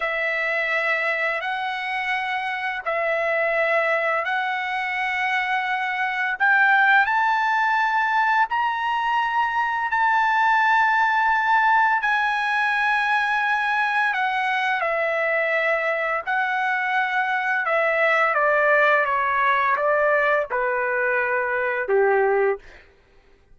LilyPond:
\new Staff \with { instrumentName = "trumpet" } { \time 4/4 \tempo 4 = 85 e''2 fis''2 | e''2 fis''2~ | fis''4 g''4 a''2 | ais''2 a''2~ |
a''4 gis''2. | fis''4 e''2 fis''4~ | fis''4 e''4 d''4 cis''4 | d''4 b'2 g'4 | }